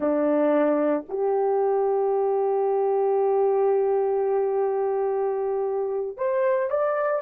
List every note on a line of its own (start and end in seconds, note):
0.00 1.05 D4
1.08 6.17 G4
6.17 6.69 C5
6.69 7.22 D5